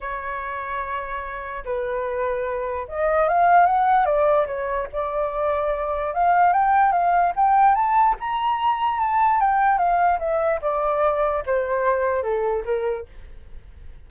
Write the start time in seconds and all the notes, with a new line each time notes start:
0.00 C#5
1.64 B4
2.87 D#5
3.28 F5
3.65 F#5
4.05 D5
4.46 C#5
4.92 D5
6.14 F5
6.53 G5
6.92 F5
7.36 G5
7.75 A5
8.20 A#5
8.99 A5
9.40 G5
9.78 F5
10.19 E5
10.61 D5
11.46 C5
12.22 A4
12.65 A#4